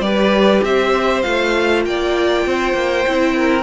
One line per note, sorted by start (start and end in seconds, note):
0.00 0.61 G3
0.00 1.23 G4
0.00 0.65 B4
0.00 0.61 D5
0.62 1.23 C4
0.62 1.86 C5
0.62 1.22 E5
1.22 1.85 A3
1.22 3.05 F4
1.22 1.83 F5
1.85 2.46 A#3
1.85 2.47 D5
1.85 3.62 G5
2.46 2.74 C4
2.46 3.36 C5
2.74 3.04 A#3
3.06 3.62 C4
3.06 3.62 E4
3.36 3.62 A#4